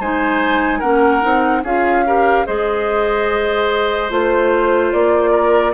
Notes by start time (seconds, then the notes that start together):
0.00 G#3 D#4 C5 G#5
0.80 A#3 C#4 A#4 F#5
1.22 C4 D#4
1.64 C#4 F4 G#4 F5
2.06 G4 A#4
2.47 G#3 G#4 C5 D#5
4.10 A3 F4 C5
4.93 A#3 D5
5.32 A#4